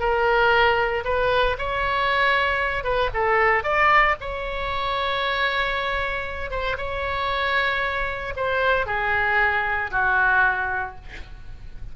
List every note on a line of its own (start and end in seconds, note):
0.00 1.04 A#4
1.05 1.57 B4
1.59 2.84 C#5
2.84 3.10 B4
3.14 3.64 A4
3.64 4.16 D5
4.21 6.51 C#5
6.51 6.77 C5
6.78 8.34 C#5
8.37 8.87 C5
8.87 9.91 G#4
9.91 10.96 F#4